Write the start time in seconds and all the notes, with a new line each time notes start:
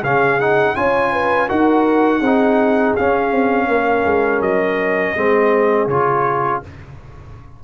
0.00 C#3 C#4 G#4 F5
0.40 D#4 F#5
0.76 C#4 F4 C#5 G#5
1.13 B4
1.48 D#4 F#4 A#4 F#5
2.19 C4 G#4
2.26 D#4
2.96 C#4 F5
3.32 C4
3.68 A#3 A#4
4.05 G#3
4.41 F#3 D#5
5.16 G#3 C4 G#4
5.87 C#3 F4 C#5